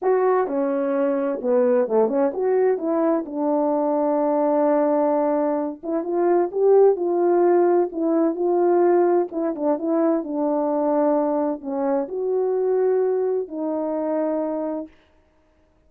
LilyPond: \new Staff \with { instrumentName = "horn" } { \time 4/4 \tempo 4 = 129 fis'4 cis'2 b4 | a8 cis'8 fis'4 e'4 d'4~ | d'1~ | d'8 e'8 f'4 g'4 f'4~ |
f'4 e'4 f'2 | e'8 d'8 e'4 d'2~ | d'4 cis'4 fis'2~ | fis'4 dis'2. | }